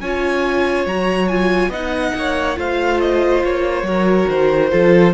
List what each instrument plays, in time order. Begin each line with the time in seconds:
0.00 cello C#4, viola F4, violin C#5 G#5
0.86 cello F#3, viola F#4, violin A#5
1.28 viola F4, violin G#5
1.68 cello B3, viola D#4, violin D#5 F#5
2.15 cello A#3, violin C#5
2.56 cello A3, viola F4, violin C5 F5
3.00 violin D#5
3.44 cello A#3, violin C#5
3.83 cello F#3, viola F#4, violin A#4
4.29 cello D#3, violin C5
4.70 cello F3, viola F4, violin A4